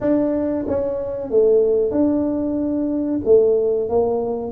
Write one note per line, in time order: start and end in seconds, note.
0.01 0.65 D4
0.67 1.30 C#4
1.30 1.91 A3
1.91 3.20 D4
3.24 3.89 A3
3.89 4.52 A#3